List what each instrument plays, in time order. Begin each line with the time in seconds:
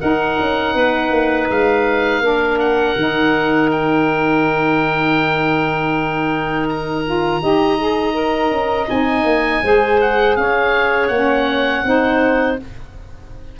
0.00 saxophone D#4, tuba D#4, clarinet A#4, oboe F#5
0.39 tuba C#4
0.74 tuba B3, clarinet B4
1.10 tuba A#3
1.50 tuba G#3, oboe F5
2.20 tuba A#3, saxophone D4, clarinet A#4
2.59 oboe F#5
2.96 tuba D#3, saxophone D#4
3.71 oboe G5
6.69 oboe A#5
7.04 saxophone F4
7.41 tuba D#4, saxophone G4, clarinet D#5
7.78 saxophone G#4
8.12 saxophone A#4
8.51 tuba C#4
8.90 tuba C4, saxophone D#4, oboe G#5
9.24 tuba A#3
9.62 tuba G#3, saxophone G#4, clarinet C5
10.01 oboe F#5
10.36 tuba C#4, clarinet C#5, oboe F5
11.07 tuba A#3, saxophone C#4, oboe F#5
11.84 tuba C4, saxophone D#4, clarinet C5